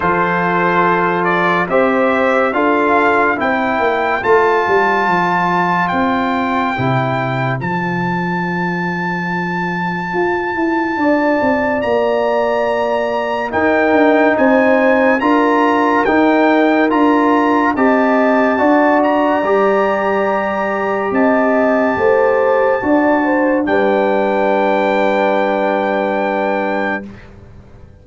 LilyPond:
<<
  \new Staff \with { instrumentName = "trumpet" } { \time 4/4 \tempo 4 = 71 c''4. d''8 e''4 f''4 | g''4 a''2 g''4~ | g''4 a''2.~ | a''2 ais''2 |
g''4 gis''4 ais''4 g''4 | ais''4 a''4. ais''4.~ | ais''4 a''2. | g''1 | }
  \new Staff \with { instrumentName = "horn" } { \time 4/4 a'2 c''4 a'4 | c''1~ | c''1~ | c''4 d''2. |
ais'4 c''4 ais'2~ | ais'4 dis''4 d''2~ | d''4 dis''4 c''4 d''8 c''8 | b'1 | }
  \new Staff \with { instrumentName = "trombone" } { \time 4/4 f'2 g'4 f'4 | e'4 f'2. | e'4 f'2.~ | f'1 |
dis'2 f'4 dis'4 | f'4 g'4 fis'4 g'4~ | g'2. fis'4 | d'1 | }
  \new Staff \with { instrumentName = "tuba" } { \time 4/4 f2 c'4 d'4 | c'8 ais8 a8 g8 f4 c'4 | c4 f2. | f'8 e'8 d'8 c'8 ais2 |
dis'8 d'8 c'4 d'4 dis'4 | d'4 c'4 d'4 g4~ | g4 c'4 a4 d'4 | g1 | }
>>